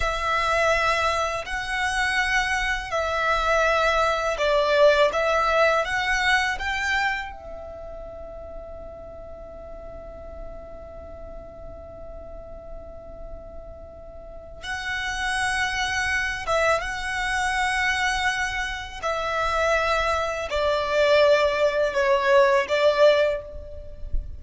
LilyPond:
\new Staff \with { instrumentName = "violin" } { \time 4/4 \tempo 4 = 82 e''2 fis''2 | e''2 d''4 e''4 | fis''4 g''4 e''2~ | e''1~ |
e''1 | fis''2~ fis''8 e''8 fis''4~ | fis''2 e''2 | d''2 cis''4 d''4 | }